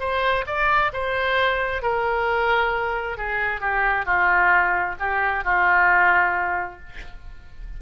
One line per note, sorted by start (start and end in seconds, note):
0.00 0.45 C5
0.47 0.92 D5
0.93 1.82 C5
1.82 3.17 A#4
3.18 3.61 G#4
3.61 4.05 G4
4.05 4.96 F4
5.00 5.44 G4
5.44 6.80 F4